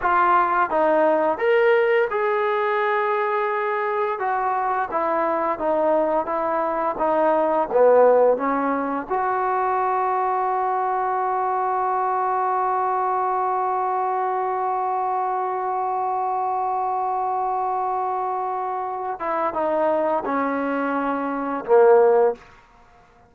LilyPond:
\new Staff \with { instrumentName = "trombone" } { \time 4/4 \tempo 4 = 86 f'4 dis'4 ais'4 gis'4~ | gis'2 fis'4 e'4 | dis'4 e'4 dis'4 b4 | cis'4 fis'2.~ |
fis'1~ | fis'1~ | fis'2.~ fis'8 e'8 | dis'4 cis'2 ais4 | }